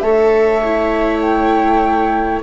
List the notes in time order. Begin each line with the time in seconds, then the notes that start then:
0.00 A3 A4 C#5 E5
0.65 E4
1.21 G5